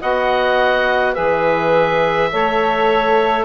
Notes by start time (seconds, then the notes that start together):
0.00 B3 F#4 D#5 F#5
1.13 E3 G#4 B4 E5
2.31 A3 A4 C#5